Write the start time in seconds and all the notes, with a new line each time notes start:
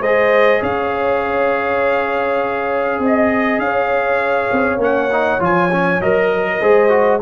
0.00 G#3 G#4 C5 D#5
0.60 C#4 C#5 F5
2.99 C4 D#5
3.06 D#5
3.59 C#4 F5
3.65 C#5
4.52 C4
4.77 A#3 C#4 F#5
5.12 D#4
5.40 F3 F4 G#5
5.71 C#4
6.00 F#3 A#4 D#5
6.34 A#4
6.61 G#3 G#4 C5
6.89 F#4